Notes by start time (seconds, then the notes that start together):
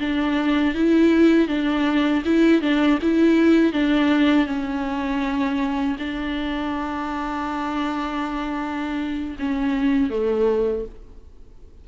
0.00 D4
0.74 E4
1.48 D4
2.25 E4
2.61 D4
3.02 E4
3.73 D4
4.46 C#4
5.99 D4
9.39 C#4
10.10 A3